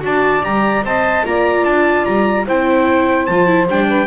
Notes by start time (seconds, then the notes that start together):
0.00 D4 F#4 D5 A5
0.43 G3 G4 A#5
0.84 C4 C5 D#5 A5
1.24 A#3 F4 D5 A#5
1.65 D4 A5
2.05 G3 A#5
2.46 C4 E4 C5 G5
3.26 F3 F4 A5
3.47 E4
3.69 G3 D4 G5
3.88 B4